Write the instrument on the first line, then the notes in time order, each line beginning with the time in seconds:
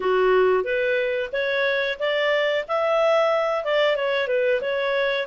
clarinet
0.00 F#4
0.64 B4
1.32 C#5
1.99 D5
2.67 E5
3.64 D5
3.96 C#5
4.27 B4
4.61 C#5